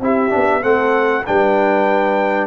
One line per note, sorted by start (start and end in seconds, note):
0.00 0.31 C4
0.00 0.29 E4
0.00 0.62 G4
0.00 0.63 E5
0.29 0.64 B3
0.29 0.60 D4
0.61 1.26 A3
0.61 1.23 C4
0.61 1.24 A4
0.61 1.25 F#5
1.26 2.47 G3
1.26 2.47 D4
1.26 2.47 B4
1.26 2.47 G5